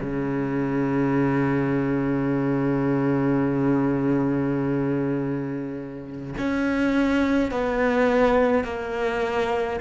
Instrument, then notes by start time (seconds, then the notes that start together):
cello
0.00 C#3
6.38 C#4
7.51 B3
8.64 A#3